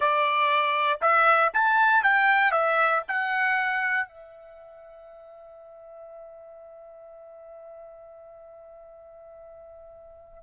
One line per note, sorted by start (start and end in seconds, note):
0.00 0.99 D5
1.01 1.51 E5
1.53 2.03 A5
2.03 2.51 G5
2.51 3.02 E5
3.08 4.07 F#5
4.07 10.43 E5